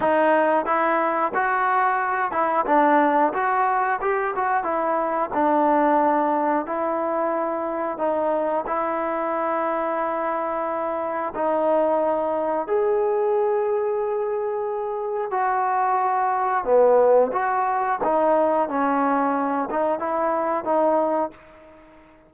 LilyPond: \new Staff \with { instrumentName = "trombone" } { \time 4/4 \tempo 4 = 90 dis'4 e'4 fis'4. e'8 | d'4 fis'4 g'8 fis'8 e'4 | d'2 e'2 | dis'4 e'2.~ |
e'4 dis'2 gis'4~ | gis'2. fis'4~ | fis'4 b4 fis'4 dis'4 | cis'4. dis'8 e'4 dis'4 | }